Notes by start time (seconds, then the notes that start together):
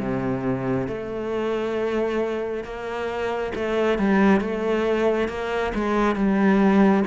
0.00 C3
0.88 A3
2.64 A#3
3.55 A3
3.99 G3
4.40 A3
5.28 A#3
5.75 G#3
6.16 G3